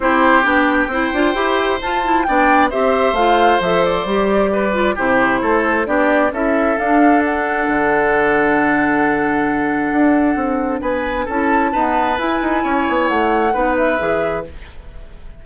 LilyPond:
<<
  \new Staff \with { instrumentName = "flute" } { \time 4/4 \tempo 4 = 133 c''4 g''2. | a''4 g''4 e''4 f''4 | e''8 d''2~ d''8 c''4~ | c''4 d''4 e''4 f''4 |
fis''1~ | fis''1 | gis''4 a''2 gis''4~ | gis''4 fis''4. e''4. | }
  \new Staff \with { instrumentName = "oboe" } { \time 4/4 g'2 c''2~ | c''4 d''4 c''2~ | c''2 b'4 g'4 | a'4 g'4 a'2~ |
a'1~ | a'1 | b'4 a'4 b'2 | cis''2 b'2 | }
  \new Staff \with { instrumentName = "clarinet" } { \time 4/4 e'4 d'4 e'8 f'8 g'4 | f'8 e'8 d'4 g'4 f'4 | a'4 g'4. f'8 e'4~ | e'4 d'4 e'4 d'4~ |
d'1~ | d'1~ | d'4 e'4 b4 e'4~ | e'2 dis'4 gis'4 | }
  \new Staff \with { instrumentName = "bassoon" } { \time 4/4 c'4 b4 c'8 d'8 e'4 | f'4 b4 c'4 a4 | f4 g2 c4 | a4 b4 cis'4 d'4~ |
d'4 d2.~ | d2 d'4 c'4 | b4 cis'4 dis'4 e'8 dis'8 | cis'8 b8 a4 b4 e4 | }
>>